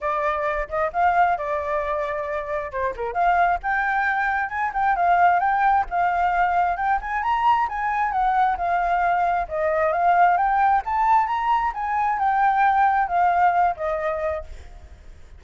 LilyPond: \new Staff \with { instrumentName = "flute" } { \time 4/4 \tempo 4 = 133 d''4. dis''8 f''4 d''4~ | d''2 c''8 ais'8 f''4 | g''2 gis''8 g''8 f''4 | g''4 f''2 g''8 gis''8 |
ais''4 gis''4 fis''4 f''4~ | f''4 dis''4 f''4 g''4 | a''4 ais''4 gis''4 g''4~ | g''4 f''4. dis''4. | }